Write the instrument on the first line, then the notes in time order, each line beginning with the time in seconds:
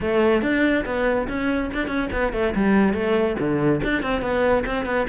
cello
0.00 A3
0.41 D4
0.85 B3
1.28 C#4
1.73 D4
1.87 C#4
2.12 B3
2.32 A3
2.55 G3
2.93 A3
3.39 D3
3.83 D4
4.02 C4
4.21 B3
4.65 C4
4.85 B3